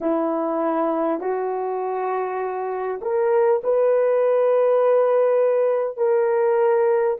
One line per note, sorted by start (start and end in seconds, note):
0.00 1.20 E4
1.20 3.00 F#4
3.01 3.61 A#4
3.63 5.97 B4
5.97 7.17 A#4